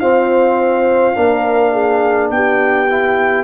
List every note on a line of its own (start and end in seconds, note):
0.00 1.14 C4
0.00 1.16 F4
0.00 1.16 C5
0.00 2.31 F5
1.14 2.31 A#3
1.14 2.87 D4
1.14 1.73 A#4
1.73 2.31 G#4
2.31 3.44 B3
2.31 3.44 G4
2.31 3.44 G5
2.90 3.44 E4